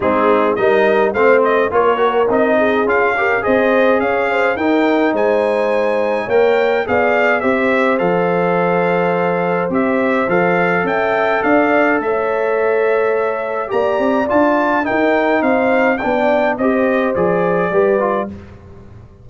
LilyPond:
<<
  \new Staff \with { instrumentName = "trumpet" } { \time 4/4 \tempo 4 = 105 gis'4 dis''4 f''8 dis''8 cis''4 | dis''4 f''4 dis''4 f''4 | g''4 gis''2 g''4 | f''4 e''4 f''2~ |
f''4 e''4 f''4 g''4 | f''4 e''2. | ais''4 a''4 g''4 f''4 | g''4 dis''4 d''2 | }
  \new Staff \with { instrumentName = "horn" } { \time 4/4 dis'4 ais'4 c''4 ais'4~ | ais'8 gis'4 ais'8 c''4 cis''8 c''8 | ais'4 c''2 cis''4 | d''4 c''2.~ |
c''2. e''4 | d''4 cis''2. | d''2 ais'4 c''4 | d''4 c''2 b'4 | }
  \new Staff \with { instrumentName = "trombone" } { \time 4/4 c'4 dis'4 c'4 f'8 fis'8 | dis'4 f'8 g'8 gis'2 | dis'2. ais'4 | gis'4 g'4 a'2~ |
a'4 g'4 a'2~ | a'1 | g'4 f'4 dis'2 | d'4 g'4 gis'4 g'8 f'8 | }
  \new Staff \with { instrumentName = "tuba" } { \time 4/4 gis4 g4 a4 ais4 | c'4 cis'4 c'4 cis'4 | dis'4 gis2 ais4 | b4 c'4 f2~ |
f4 c'4 f4 cis'4 | d'4 a2. | ais8 c'8 d'4 dis'4 c'4 | b4 c'4 f4 g4 | }
>>